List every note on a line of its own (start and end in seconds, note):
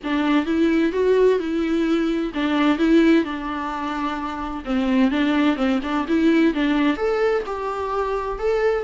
0.03 0.45 D4
0.45 0.92 E4
0.92 1.39 F#4
1.39 2.32 E4
2.34 2.78 D4
2.78 3.24 E4
3.24 4.63 D4
4.64 5.10 C4
5.10 5.56 D4
5.56 5.79 C4
5.83 6.06 D4
6.08 6.54 E4
6.54 6.96 D4
6.96 7.43 A4
7.46 8.38 G4
8.38 8.84 A4